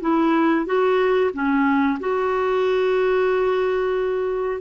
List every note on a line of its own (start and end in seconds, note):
0.00 0.65 E4
0.65 1.30 F#4
1.33 1.98 C#4
2.00 4.60 F#4